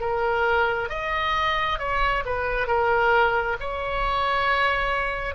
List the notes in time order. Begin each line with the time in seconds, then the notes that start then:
0.00 A#4
0.89 D#5
1.79 C#5
2.25 B4
2.67 A#4
3.60 C#5